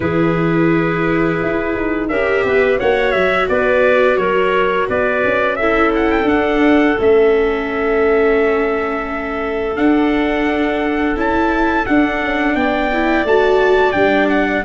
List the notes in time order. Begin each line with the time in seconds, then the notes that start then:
0.00 E3 E4 G#4 B4
1.42 E4
1.75 D#4
2.08 C#4 G4 A#4 E5
2.44 B3 B4
2.78 A#3 F#4 C#5 F#5
3.11 F#3 E5
3.49 B3 B4 D5
4.17 F#3 A#4 C#5
4.87 B3 B4 D5
5.24 C#4
5.56 E4 A4 E5
5.95 F#5
6.11 G5
6.23 D4 F#5
6.98 A3 C#4 E5
9.75 D4 F#5
11.16 C#4 E4 A5
11.86 D4 F#5
12.22 C#4
12.55 B3 D5 G5
12.92 E4
13.23 A3 F#4 A5
13.92 G3 D4 G5
14.29 F#5